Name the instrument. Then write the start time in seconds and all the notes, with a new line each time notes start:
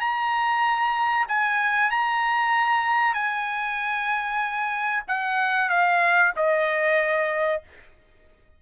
trumpet
0.00 A#5
1.28 G#5
1.90 A#5
3.13 G#5
5.07 F#5
5.69 F5
6.36 D#5